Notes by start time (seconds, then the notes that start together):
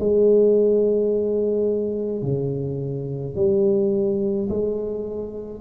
0.00 G#3
2.22 C#3
3.36 G3
4.50 G#3